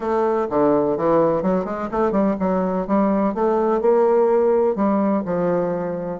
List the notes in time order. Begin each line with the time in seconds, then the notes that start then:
0.00 A3
0.50 D3
0.97 E3
1.42 F#3
1.65 G#3
1.91 A3
2.11 G3
2.39 F#3
2.87 G3
3.34 A3
3.81 A#3
4.75 G3
5.25 F3